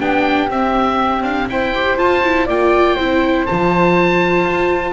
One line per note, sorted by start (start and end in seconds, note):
0.00 0.50 B3
0.00 0.48 D4
0.00 1.50 G4
0.00 0.50 G5
0.48 1.72 C4
0.48 1.22 C4
0.48 1.23 E5
1.22 1.47 D4
1.22 1.48 F5
1.49 1.98 E4
1.49 2.46 C5
1.49 1.98 G5
1.74 1.97 G4
1.97 2.22 F4
1.97 2.48 F4
1.97 2.47 A5
2.24 2.49 E4
2.46 2.97 A#3
2.46 2.98 F4
2.46 2.95 D5
2.46 3.46 G5
2.95 3.48 C4
2.95 3.48 E4
2.95 4.93 C5
3.46 4.45 F3
3.46 4.93 F4
3.46 4.93 A5
4.45 4.93 F4